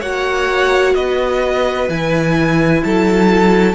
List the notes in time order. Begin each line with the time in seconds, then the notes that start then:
0.00 A#3 F#4 C#5 F#5
0.94 B3 B4 D#5
1.88 E3 E4 G#5
2.83 F#3 A4 A5